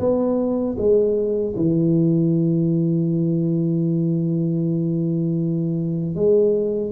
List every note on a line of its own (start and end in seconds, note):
0.00 0.77 B3
0.78 1.55 G#3
1.57 6.16 E3
6.16 6.92 G#3